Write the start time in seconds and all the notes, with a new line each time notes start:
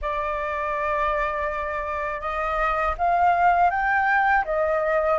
0.01 D5
2.20 D#5
2.98 F5
3.70 G5
4.44 D#5